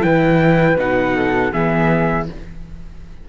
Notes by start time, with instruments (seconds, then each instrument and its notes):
0.00 cello E3, viola E4, flute B4, trumpet G5
0.76 cello B2, viola D#4, trumpet F#5
1.16 flute A4
1.52 cello E3, viola B3, flute G#4, trumpet E5